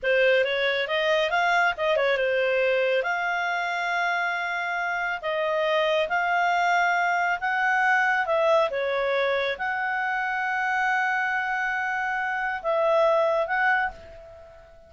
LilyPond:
\new Staff \with { instrumentName = "clarinet" } { \time 4/4 \tempo 4 = 138 c''4 cis''4 dis''4 f''4 | dis''8 cis''8 c''2 f''4~ | f''1 | dis''2 f''2~ |
f''4 fis''2 e''4 | cis''2 fis''2~ | fis''1~ | fis''4 e''2 fis''4 | }